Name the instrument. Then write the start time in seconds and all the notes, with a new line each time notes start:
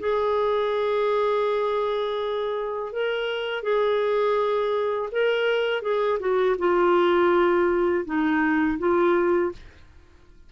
clarinet
0.00 G#4
2.93 A#4
3.63 G#4
5.12 A#4
5.82 G#4
6.20 F#4
6.59 F4
8.06 D#4
8.79 F4